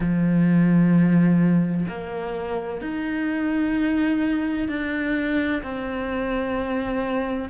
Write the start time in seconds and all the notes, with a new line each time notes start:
0.00 F3
1.87 A#3
2.81 D#4
4.68 D4
5.62 C4